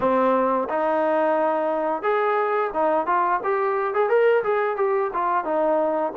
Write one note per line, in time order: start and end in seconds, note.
0.00 0.68 C4
0.68 2.02 D#4
2.02 2.70 G#4
2.73 3.06 D#4
3.06 3.40 F4
3.43 3.94 G4
3.94 4.09 G#4
4.09 4.43 A#4
4.43 4.76 G#4
4.76 5.10 G4
5.13 5.44 F4
5.44 6.12 D#4